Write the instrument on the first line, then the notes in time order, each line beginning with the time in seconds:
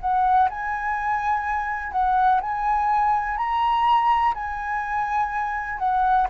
flute
0.00 F#5
0.49 G#5
1.92 F#5
2.40 G#5
3.37 A#5
4.34 G#5
5.78 F#5